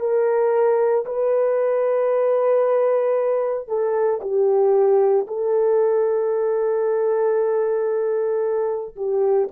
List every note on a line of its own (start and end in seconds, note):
0.00 1.05 A#4
1.06 3.68 B4
3.68 4.21 A4
4.22 5.27 G4
5.27 8.96 A4
8.96 9.49 G4